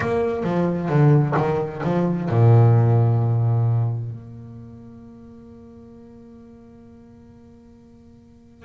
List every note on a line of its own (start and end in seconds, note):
0.00 0.43 A#3
0.43 0.89 F3
0.89 1.34 D3
1.36 1.82 D#3
1.83 2.29 F3
2.29 4.10 A#2
4.10 8.65 A#3